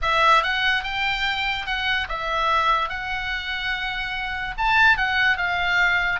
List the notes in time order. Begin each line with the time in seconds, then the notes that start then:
0.02 E5
0.43 F#5
0.83 G5
1.66 F#5
2.08 E5
2.89 F#5
4.57 A5
4.97 F#5
5.37 F5